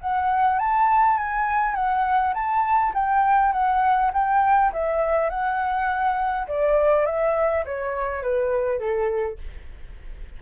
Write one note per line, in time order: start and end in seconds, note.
0.00 0.58 F#5
0.58 1.17 A5
1.17 1.74 G#5
1.74 2.33 F#5
2.34 2.93 A5
2.94 3.52 G5
3.52 4.11 F#5
4.13 4.72 G5
4.72 5.29 E5
5.29 6.47 F#5
6.47 7.05 D5
7.05 7.64 E5
7.65 8.22 C#5
8.22 8.79 B4
8.79 9.37 A4